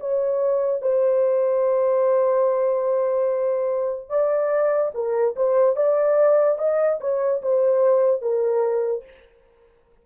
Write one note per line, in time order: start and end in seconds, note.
0.00 0.81 C#5
0.81 4.09 C5
4.09 4.91 D5
4.94 5.35 A#4
5.36 5.76 C5
5.76 6.58 D5
6.58 6.99 D#5
7.00 7.42 C#5
7.42 8.22 C5
8.22 9.04 A#4